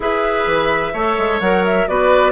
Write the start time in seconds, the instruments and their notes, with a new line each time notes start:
0.00 bassoon E4, clarinet G#4, oboe B4, flute E5
0.46 bassoon E3
0.93 bassoon A3, clarinet A4, oboe C#5
1.18 bassoon G#3
1.40 bassoon F#3, clarinet A#4, flute F#5
1.64 flute E5
1.88 bassoon B3, clarinet F#4, oboe B4, flute D5